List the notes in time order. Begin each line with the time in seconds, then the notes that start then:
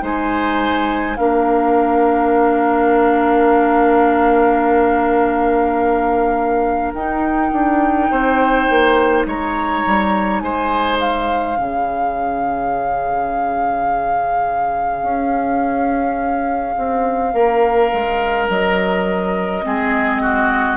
0.00 G#3 D#4 C5 G#5
1.17 A#3 D4 A#4 F5
6.94 D#4 G5
7.52 D4
8.12 C4 C5
8.70 A#3
9.26 G#3 C#5 A#5
9.87 G3
10.40 G#3 C5 G#5
11.00 F5
11.57 C#3 C#4 G#4
15.03 C#4
16.78 C4
17.34 A#3 A#4
17.93 G#3
18.49 F#3 D#5
19.63 G#3 C4 G#4
20.22 F#4